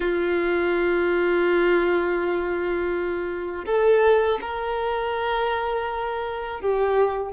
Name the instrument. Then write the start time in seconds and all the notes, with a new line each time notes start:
violin
0.00 F4
3.66 A4
4.41 A#4
6.60 G4